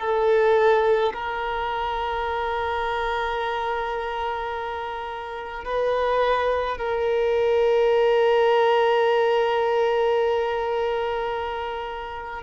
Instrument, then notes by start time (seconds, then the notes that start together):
violin
0.00 A4
1.14 A#4
5.64 B4
6.78 A#4